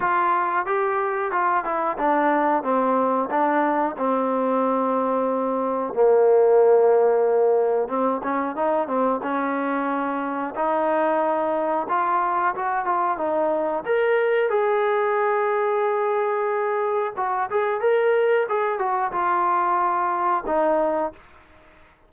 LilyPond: \new Staff \with { instrumentName = "trombone" } { \time 4/4 \tempo 4 = 91 f'4 g'4 f'8 e'8 d'4 | c'4 d'4 c'2~ | c'4 ais2. | c'8 cis'8 dis'8 c'8 cis'2 |
dis'2 f'4 fis'8 f'8 | dis'4 ais'4 gis'2~ | gis'2 fis'8 gis'8 ais'4 | gis'8 fis'8 f'2 dis'4 | }